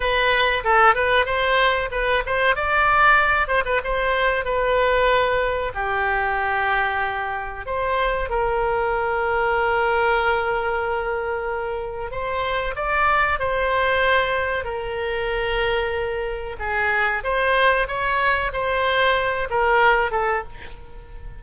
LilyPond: \new Staff \with { instrumentName = "oboe" } { \time 4/4 \tempo 4 = 94 b'4 a'8 b'8 c''4 b'8 c''8 | d''4. c''16 b'16 c''4 b'4~ | b'4 g'2. | c''4 ais'2.~ |
ais'2. c''4 | d''4 c''2 ais'4~ | ais'2 gis'4 c''4 | cis''4 c''4. ais'4 a'8 | }